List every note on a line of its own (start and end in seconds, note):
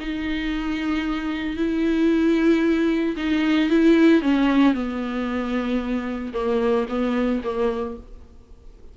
0.00 1.57 D#4
1.57 3.16 E4
3.17 3.70 D#4
3.70 4.22 E4
4.22 4.74 C#4
4.74 6.33 B3
6.34 6.87 A#3
6.89 7.42 B3
7.44 7.97 A#3